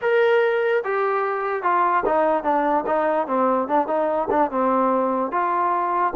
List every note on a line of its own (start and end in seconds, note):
0.01 0.83 A#4
0.84 1.62 G4
1.62 2.03 F4
2.05 2.43 D#4
2.43 2.84 D4
2.86 3.27 D#4
3.27 3.67 C4
3.68 3.87 D4
3.87 4.28 D#4
4.30 4.50 D4
4.51 5.31 C4
5.31 6.13 F4